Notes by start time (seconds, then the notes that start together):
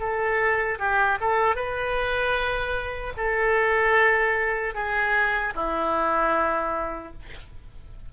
0.00 A4
0.79 G4
1.21 A4
1.56 B4
3.17 A4
4.75 G#4
5.56 E4